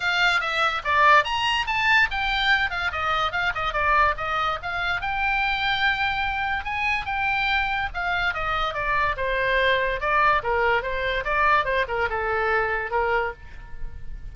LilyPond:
\new Staff \with { instrumentName = "oboe" } { \time 4/4 \tempo 4 = 144 f''4 e''4 d''4 ais''4 | a''4 g''4. f''8 dis''4 | f''8 dis''8 d''4 dis''4 f''4 | g''1 |
gis''4 g''2 f''4 | dis''4 d''4 c''2 | d''4 ais'4 c''4 d''4 | c''8 ais'8 a'2 ais'4 | }